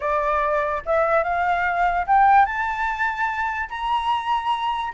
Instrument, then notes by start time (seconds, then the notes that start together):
flute
0.00 D5
0.85 E5
1.23 F5
2.06 G5
2.45 A5
3.69 A#5